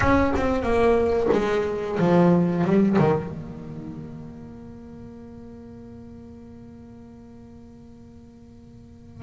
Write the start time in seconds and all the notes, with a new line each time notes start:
0.00 C#4
0.36 C4
0.62 A#3
1.32 G#3
1.98 F3
2.64 G3
2.98 D#3
3.30 A#3